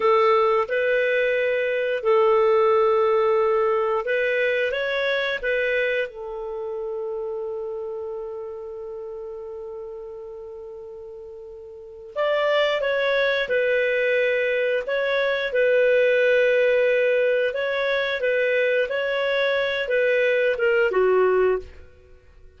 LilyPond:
\new Staff \with { instrumentName = "clarinet" } { \time 4/4 \tempo 4 = 89 a'4 b'2 a'4~ | a'2 b'4 cis''4 | b'4 a'2.~ | a'1~ |
a'2 d''4 cis''4 | b'2 cis''4 b'4~ | b'2 cis''4 b'4 | cis''4. b'4 ais'8 fis'4 | }